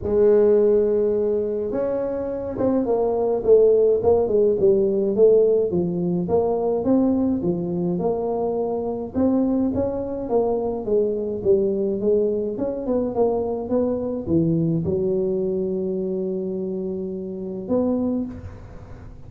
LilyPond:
\new Staff \with { instrumentName = "tuba" } { \time 4/4 \tempo 4 = 105 gis2. cis'4~ | cis'8 c'8 ais4 a4 ais8 gis8 | g4 a4 f4 ais4 | c'4 f4 ais2 |
c'4 cis'4 ais4 gis4 | g4 gis4 cis'8 b8 ais4 | b4 e4 fis2~ | fis2. b4 | }